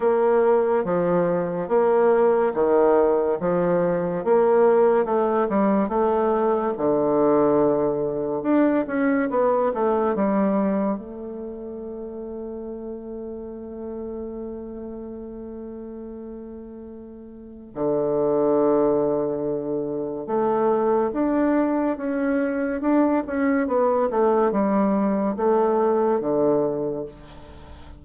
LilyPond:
\new Staff \with { instrumentName = "bassoon" } { \time 4/4 \tempo 4 = 71 ais4 f4 ais4 dis4 | f4 ais4 a8 g8 a4 | d2 d'8 cis'8 b8 a8 | g4 a2.~ |
a1~ | a4 d2. | a4 d'4 cis'4 d'8 cis'8 | b8 a8 g4 a4 d4 | }